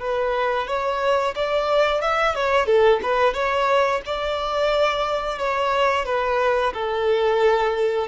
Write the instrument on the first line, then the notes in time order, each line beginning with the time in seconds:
violin
0.00 B4
0.67 C#5
1.36 D5
2.02 E5
2.35 C#5
2.67 A4
3.03 B4
3.34 C#5
4.06 D5
5.39 C#5
6.06 B4
6.74 A4